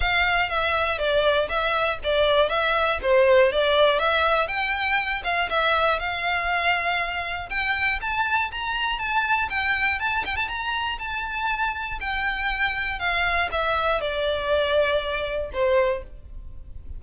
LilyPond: \new Staff \with { instrumentName = "violin" } { \time 4/4 \tempo 4 = 120 f''4 e''4 d''4 e''4 | d''4 e''4 c''4 d''4 | e''4 g''4. f''8 e''4 | f''2. g''4 |
a''4 ais''4 a''4 g''4 | a''8 g''16 a''16 ais''4 a''2 | g''2 f''4 e''4 | d''2. c''4 | }